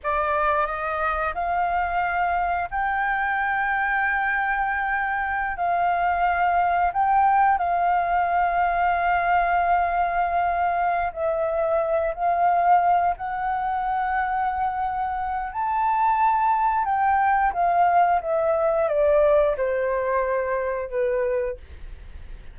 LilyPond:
\new Staff \with { instrumentName = "flute" } { \time 4/4 \tempo 4 = 89 d''4 dis''4 f''2 | g''1~ | g''16 f''2 g''4 f''8.~ | f''1~ |
f''8 e''4. f''4. fis''8~ | fis''2. a''4~ | a''4 g''4 f''4 e''4 | d''4 c''2 b'4 | }